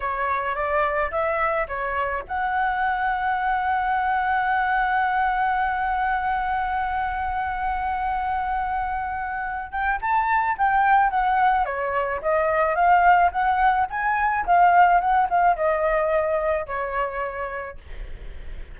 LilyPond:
\new Staff \with { instrumentName = "flute" } { \time 4/4 \tempo 4 = 108 cis''4 d''4 e''4 cis''4 | fis''1~ | fis''1~ | fis''1~ |
fis''4. g''8 a''4 g''4 | fis''4 cis''4 dis''4 f''4 | fis''4 gis''4 f''4 fis''8 f''8 | dis''2 cis''2 | }